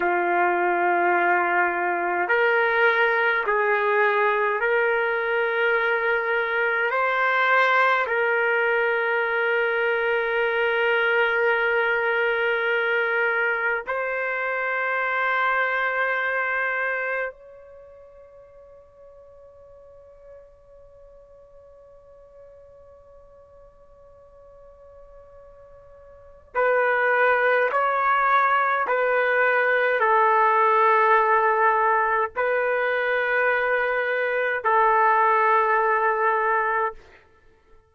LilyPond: \new Staff \with { instrumentName = "trumpet" } { \time 4/4 \tempo 4 = 52 f'2 ais'4 gis'4 | ais'2 c''4 ais'4~ | ais'1 | c''2. cis''4~ |
cis''1~ | cis''2. b'4 | cis''4 b'4 a'2 | b'2 a'2 | }